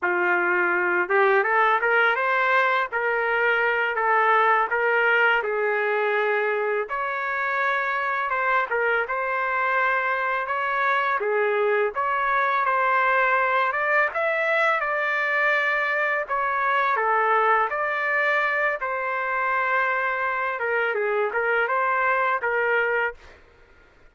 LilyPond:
\new Staff \with { instrumentName = "trumpet" } { \time 4/4 \tempo 4 = 83 f'4. g'8 a'8 ais'8 c''4 | ais'4. a'4 ais'4 gis'8~ | gis'4. cis''2 c''8 | ais'8 c''2 cis''4 gis'8~ |
gis'8 cis''4 c''4. d''8 e''8~ | e''8 d''2 cis''4 a'8~ | a'8 d''4. c''2~ | c''8 ais'8 gis'8 ais'8 c''4 ais'4 | }